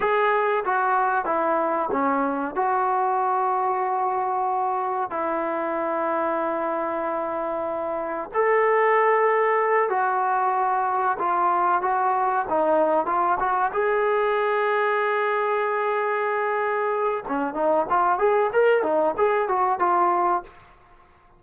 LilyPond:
\new Staff \with { instrumentName = "trombone" } { \time 4/4 \tempo 4 = 94 gis'4 fis'4 e'4 cis'4 | fis'1 | e'1~ | e'4 a'2~ a'8 fis'8~ |
fis'4. f'4 fis'4 dis'8~ | dis'8 f'8 fis'8 gis'2~ gis'8~ | gis'2. cis'8 dis'8 | f'8 gis'8 ais'8 dis'8 gis'8 fis'8 f'4 | }